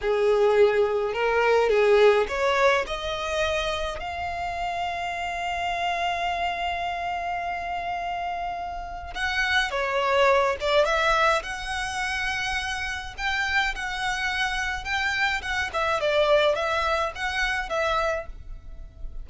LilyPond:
\new Staff \with { instrumentName = "violin" } { \time 4/4 \tempo 4 = 105 gis'2 ais'4 gis'4 | cis''4 dis''2 f''4~ | f''1~ | f''1 |
fis''4 cis''4. d''8 e''4 | fis''2. g''4 | fis''2 g''4 fis''8 e''8 | d''4 e''4 fis''4 e''4 | }